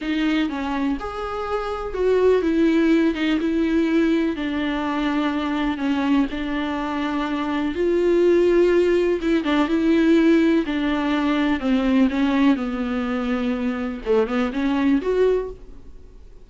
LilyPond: \new Staff \with { instrumentName = "viola" } { \time 4/4 \tempo 4 = 124 dis'4 cis'4 gis'2 | fis'4 e'4. dis'8 e'4~ | e'4 d'2. | cis'4 d'2. |
f'2. e'8 d'8 | e'2 d'2 | c'4 cis'4 b2~ | b4 a8 b8 cis'4 fis'4 | }